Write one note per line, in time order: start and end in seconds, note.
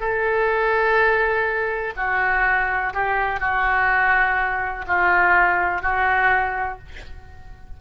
0.00 1.94 A4
1.97 2.93 F#4
2.94 3.40 G4
3.40 4.85 F#4
4.87 5.82 F4
5.82 6.79 F#4